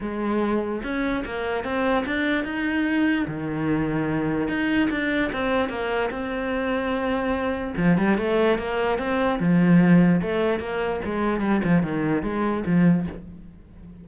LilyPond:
\new Staff \with { instrumentName = "cello" } { \time 4/4 \tempo 4 = 147 gis2 cis'4 ais4 | c'4 d'4 dis'2 | dis2. dis'4 | d'4 c'4 ais4 c'4~ |
c'2. f8 g8 | a4 ais4 c'4 f4~ | f4 a4 ais4 gis4 | g8 f8 dis4 gis4 f4 | }